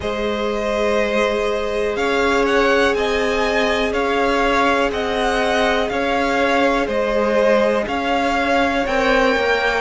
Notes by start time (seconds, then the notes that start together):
0.00 G#3 G#4 C5 D#5
1.96 C#4 C#5 F5
2.45 F#5
2.94 C4 D#5 G#5
3.92 C#4 C#5 F5
4.91 C4 D#5 F#5
5.88 C#4 C#5 F5
6.86 G#3 C5 D#5
7.87 C#4 C#5 F5
8.86 C4 A#4 G5
9.35 A#3